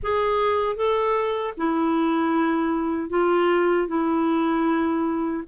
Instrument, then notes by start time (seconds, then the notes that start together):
clarinet
0.02 G#4
0.76 A4
1.57 E4
3.09 F4
3.87 E4